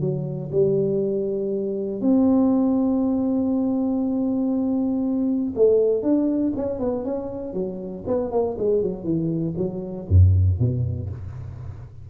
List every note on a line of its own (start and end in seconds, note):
0.00 0.50 F#3
0.51 2.01 G3
2.01 5.54 C4
5.55 6.02 A3
6.02 6.53 D4
6.56 6.79 C#4
6.79 7.04 B3
7.04 7.53 C#4
7.53 8.04 F#3
8.07 8.31 B3
8.31 8.56 A#3
8.58 8.83 G#3
8.83 9.03 F#3
9.03 9.54 E3
9.57 10.07 F#3
10.08 10.59 F#2
10.59 11.09 B2